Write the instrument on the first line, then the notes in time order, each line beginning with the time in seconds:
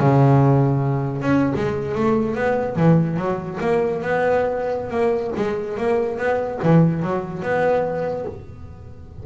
double bass
0.00 C#3
1.22 C#4
1.56 G#3
1.96 A3
2.35 B3
2.76 E3
3.17 F#3
3.61 A#3
4.03 B3
4.91 A#3
5.36 G#3
5.78 A#3
6.18 B3
6.64 E3
7.03 F#3
7.43 B3